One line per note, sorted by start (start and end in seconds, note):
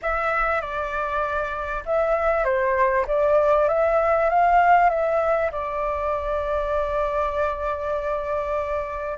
0.02 0.61 E5
0.61 1.83 D5
1.85 2.44 E5
2.44 3.05 C5
3.07 3.68 D5
3.68 4.29 E5
4.29 4.89 F5
4.89 5.50 E5
5.51 9.18 D5